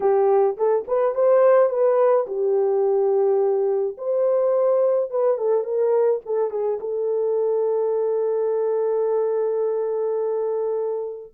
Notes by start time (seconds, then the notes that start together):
0.00 G4
0.57 A4
0.87 B4
1.14 C5
1.69 B4
2.26 G4
3.97 C5
5.10 B4
5.37 A4
5.63 A#4
6.25 A4
6.50 G#4
6.80 A4